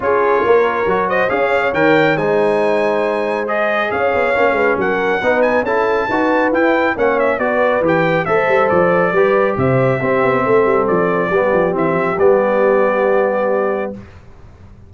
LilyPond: <<
  \new Staff \with { instrumentName = "trumpet" } { \time 4/4 \tempo 4 = 138 cis''2~ cis''8 dis''8 f''4 | g''4 gis''2. | dis''4 f''2 fis''4~ | fis''8 gis''8 a''2 g''4 |
fis''8 e''8 d''4 g''4 e''4 | d''2 e''2~ | e''4 d''2 e''4 | d''1 | }
  \new Staff \with { instrumentName = "horn" } { \time 4/4 gis'4 ais'4. c''8 cis''4~ | cis''4 c''2.~ | c''4 cis''4. b'8 ais'4 | b'4 a'4 b'2 |
cis''4 b'2 c''4~ | c''4 b'4 c''4 g'4 | a'2 g'2~ | g'1 | }
  \new Staff \with { instrumentName = "trombone" } { \time 4/4 f'2 fis'4 gis'4 | ais'4 dis'2. | gis'2 cis'2 | dis'4 e'4 fis'4 e'4 |
cis'4 fis'4 g'4 a'4~ | a'4 g'2 c'4~ | c'2 b4 c'4 | b1 | }
  \new Staff \with { instrumentName = "tuba" } { \time 4/4 cis'4 ais4 fis4 cis'4 | dis4 gis2.~ | gis4 cis'8 b8 ais8 gis8 fis4 | b4 cis'4 dis'4 e'4 |
ais4 b4 e4 a8 g8 | f4 g4 c4 c'8 b8 | a8 g8 f4 g8 f8 e8 f8 | g1 | }
>>